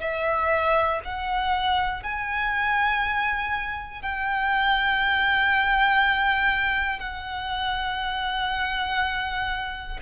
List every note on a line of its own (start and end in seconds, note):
0.00 1.00 E5
1.05 2.03 F#5
2.03 4.02 G#5
4.02 6.99 G5
6.99 9.99 F#5